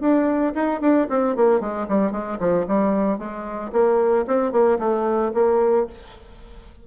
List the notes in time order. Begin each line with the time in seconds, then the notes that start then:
0.00 D4
0.55 D#4
0.81 D4
1.09 C4
1.36 A#3
1.60 G#3
1.88 G3
2.11 G#3
2.39 F3
2.67 G3
3.18 G#3
3.72 A#3
4.27 C4
4.52 A#3
4.79 A3
5.34 A#3